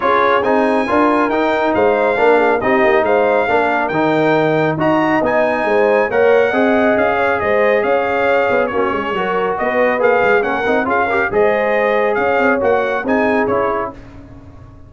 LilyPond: <<
  \new Staff \with { instrumentName = "trumpet" } { \time 4/4 \tempo 4 = 138 cis''4 gis''2 g''4 | f''2 dis''4 f''4~ | f''4 g''2 ais''4 | gis''2 fis''2 |
f''4 dis''4 f''2 | cis''2 dis''4 f''4 | fis''4 f''4 dis''2 | f''4 fis''4 gis''4 cis''4 | }
  \new Staff \with { instrumentName = "horn" } { \time 4/4 gis'2 ais'2 | c''4 ais'8 gis'8 g'4 c''4 | ais'2. dis''4~ | dis''4 c''4 cis''4 dis''4~ |
dis''8 cis''8 c''4 cis''2 | fis'8 gis'8 ais'4 b'2 | ais'4 gis'8 ais'8 c''2 | cis''2 gis'2 | }
  \new Staff \with { instrumentName = "trombone" } { \time 4/4 f'4 dis'4 f'4 dis'4~ | dis'4 d'4 dis'2 | d'4 dis'2 fis'4 | dis'2 ais'4 gis'4~ |
gis'1 | cis'4 fis'2 gis'4 | cis'8 dis'8 f'8 g'8 gis'2~ | gis'4 fis'4 dis'4 e'4 | }
  \new Staff \with { instrumentName = "tuba" } { \time 4/4 cis'4 c'4 d'4 dis'4 | gis4 ais4 c'8 ais8 gis4 | ais4 dis2 dis'4 | b4 gis4 ais4 c'4 |
cis'4 gis4 cis'4. b8 | ais8 gis8 fis4 b4 ais8 gis8 | ais8 c'8 cis'4 gis2 | cis'8 c'8 ais4 c'4 cis'4 | }
>>